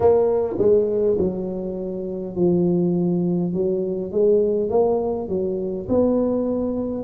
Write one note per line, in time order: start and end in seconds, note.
0.00 0.56 A#3
0.58 1.17 G#3
1.18 2.35 F#3
2.35 3.53 F3
3.53 4.11 F#3
4.11 4.70 G#3
4.70 5.28 A#3
5.28 5.87 F#3
5.88 7.03 B3